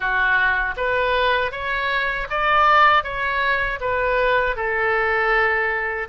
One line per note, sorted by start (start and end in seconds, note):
0.00 0.75 F#4
0.76 1.51 B4
1.51 2.27 C#5
2.30 3.03 D5
3.03 3.79 C#5
3.80 4.56 B4
4.56 6.08 A4